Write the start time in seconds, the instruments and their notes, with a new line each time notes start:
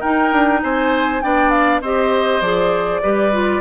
0.00 clarinet D#4, bassoon D#4, oboe A#4, flute G5
0.32 bassoon D4
0.63 bassoon C4, oboe C5, flute G#5
1.22 bassoon B3, clarinet D4, oboe D5, flute G5
1.50 flute F5
1.81 bassoon C4, clarinet G4, oboe C5, flute D#5
2.41 bassoon F3, clarinet G#4, flute D5
3.02 bassoon G3, clarinet G4, oboe B4
3.32 clarinet F4